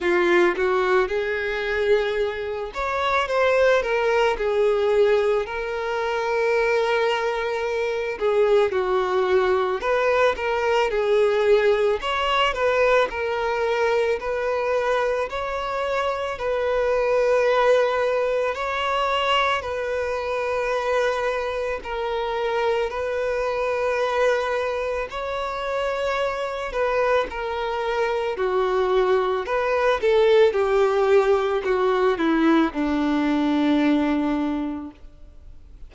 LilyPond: \new Staff \with { instrumentName = "violin" } { \time 4/4 \tempo 4 = 55 f'8 fis'8 gis'4. cis''8 c''8 ais'8 | gis'4 ais'2~ ais'8 gis'8 | fis'4 b'8 ais'8 gis'4 cis''8 b'8 | ais'4 b'4 cis''4 b'4~ |
b'4 cis''4 b'2 | ais'4 b'2 cis''4~ | cis''8 b'8 ais'4 fis'4 b'8 a'8 | g'4 fis'8 e'8 d'2 | }